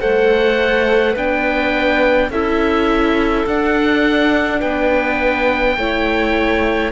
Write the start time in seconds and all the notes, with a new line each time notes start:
0.00 A3 A4 C5 F#5
1.13 B3 D4 B4 G5
2.30 C#4 E4 A4 E5
3.46 D4 F#5
4.60 B3 B4 G5
5.77 A3 E4 C#5